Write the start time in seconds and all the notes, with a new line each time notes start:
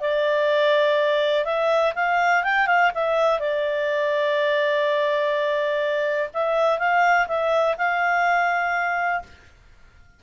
0.00 D5
1.45 E5
1.95 F5
2.43 G5
2.67 F5
2.94 E5
3.40 D5
6.34 E5
6.79 F5
7.28 E5
7.77 F5